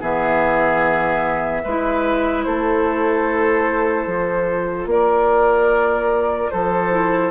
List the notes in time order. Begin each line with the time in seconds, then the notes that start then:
0.00 E3 B3 G#4 E5
1.64 G#3 E4 B4
2.43 A3 A4 C5
4.06 F3 F4
4.86 A#3 A#4 D5
6.51 F3 A4 C5
6.91 E4